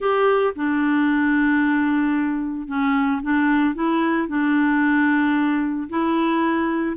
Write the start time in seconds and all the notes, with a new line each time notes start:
0.00 G4
0.55 D4
2.67 C#4
3.22 D4
3.75 E4
4.28 D4
5.89 E4